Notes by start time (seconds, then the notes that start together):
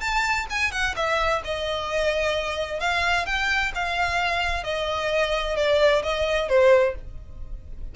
0.00 A5
0.50 G#5
0.71 F#5
0.95 E5
1.44 D#5
2.80 F5
3.26 G5
3.74 F5
4.63 D#5
5.56 D5
6.02 D#5
6.48 C5